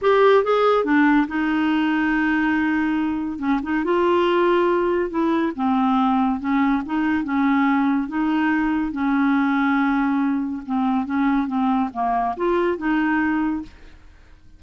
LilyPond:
\new Staff \with { instrumentName = "clarinet" } { \time 4/4 \tempo 4 = 141 g'4 gis'4 d'4 dis'4~ | dis'1 | cis'8 dis'8 f'2. | e'4 c'2 cis'4 |
dis'4 cis'2 dis'4~ | dis'4 cis'2.~ | cis'4 c'4 cis'4 c'4 | ais4 f'4 dis'2 | }